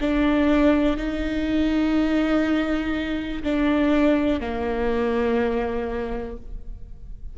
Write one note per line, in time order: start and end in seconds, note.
0.00 0.97 D4
0.97 3.42 D#4
3.42 4.40 D4
4.40 6.37 A#3